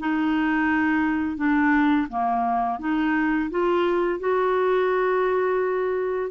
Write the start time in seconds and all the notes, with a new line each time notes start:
0.00 D#4
1.37 D4
2.09 A#3
2.79 D#4
3.51 F4
4.20 F#4